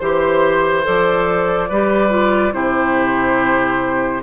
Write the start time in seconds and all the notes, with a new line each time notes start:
0.00 E3 G4 C5
0.84 F3 A4 D5
1.70 G3 G4 B4
2.10 F4
2.53 C3 E4 G4 C5